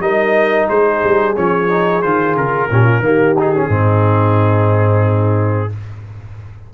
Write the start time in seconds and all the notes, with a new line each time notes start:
0.00 G3 D#4 A#4 D#5
0.68 G#3 G#4 C5
1.04 G3
1.36 F3 C#4 C#5
1.69 D#4
2.02 D#3 F4 C5
2.36 C#3 A#4
2.71 A#2 C#4 G4
2.85 F4
3.00 D#3 A#3
3.06 G4
3.39 D#4 G#4
3.55 C#4
3.68 G#2 C4 D#4